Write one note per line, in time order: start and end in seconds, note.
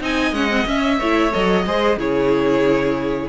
0.00 0.32 C4
0.00 0.34 D#4
0.00 0.99 D#5
0.00 0.34 G#5
0.32 0.65 G#3
0.32 0.49 C#4
0.32 0.67 F#5
0.49 0.65 C4
0.66 0.99 C#4
0.66 1.33 E5
0.99 1.34 A3
0.99 1.32 E4
0.99 1.65 C#5
1.32 1.66 F#3
1.32 1.65 A4
1.32 1.99 D#5
1.66 1.97 G#3
1.66 1.98 G#4
1.66 1.99 C5
1.97 3.29 C#3
1.97 3.29 E4
1.97 3.29 G#4
1.97 3.29 C#5